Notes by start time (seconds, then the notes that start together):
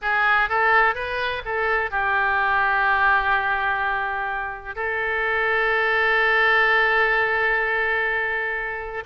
0.01 G#4
0.49 A4
0.95 B4
1.45 A4
1.90 G4
4.75 A4